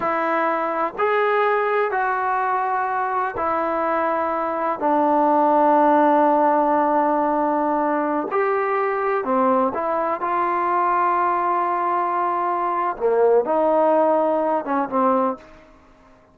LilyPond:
\new Staff \with { instrumentName = "trombone" } { \time 4/4 \tempo 4 = 125 e'2 gis'2 | fis'2. e'4~ | e'2 d'2~ | d'1~ |
d'4~ d'16 g'2 c'8.~ | c'16 e'4 f'2~ f'8.~ | f'2. ais4 | dis'2~ dis'8 cis'8 c'4 | }